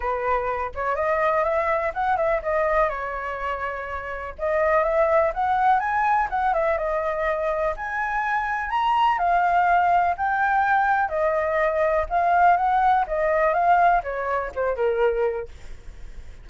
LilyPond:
\new Staff \with { instrumentName = "flute" } { \time 4/4 \tempo 4 = 124 b'4. cis''8 dis''4 e''4 | fis''8 e''8 dis''4 cis''2~ | cis''4 dis''4 e''4 fis''4 | gis''4 fis''8 e''8 dis''2 |
gis''2 ais''4 f''4~ | f''4 g''2 dis''4~ | dis''4 f''4 fis''4 dis''4 | f''4 cis''4 c''8 ais'4. | }